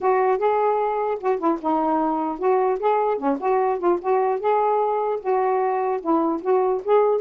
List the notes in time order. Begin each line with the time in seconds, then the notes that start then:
0.00 F#4
0.37 G#4
1.20 F#4
1.39 E4
1.61 D#4
2.38 F#4
2.79 G#4
3.17 C#4
3.39 F#4
3.78 F4
4.01 F#4
4.40 G#4
5.20 F#4
6.01 E4
6.41 F#4
6.84 G#4